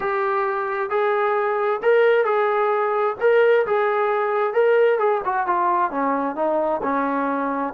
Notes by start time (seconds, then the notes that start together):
0.00 G4
0.89 G#4
1.82 A#4
2.25 G#4
3.20 A#4
3.66 G#4
4.53 A#4
4.98 G#4
5.25 F#4
5.46 F4
5.91 C#4
6.35 D#4
6.82 C#4